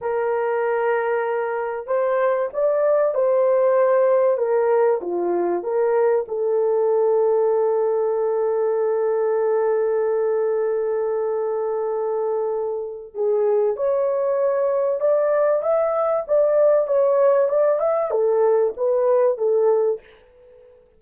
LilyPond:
\new Staff \with { instrumentName = "horn" } { \time 4/4 \tempo 4 = 96 ais'2. c''4 | d''4 c''2 ais'4 | f'4 ais'4 a'2~ | a'1~ |
a'1~ | a'4 gis'4 cis''2 | d''4 e''4 d''4 cis''4 | d''8 e''8 a'4 b'4 a'4 | }